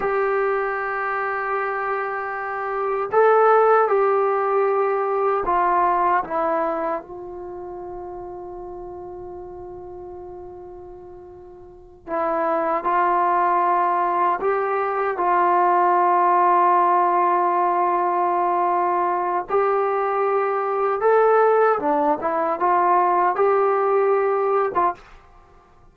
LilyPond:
\new Staff \with { instrumentName = "trombone" } { \time 4/4 \tempo 4 = 77 g'1 | a'4 g'2 f'4 | e'4 f'2.~ | f'2.~ f'8 e'8~ |
e'8 f'2 g'4 f'8~ | f'1~ | f'4 g'2 a'4 | d'8 e'8 f'4 g'4.~ g'16 f'16 | }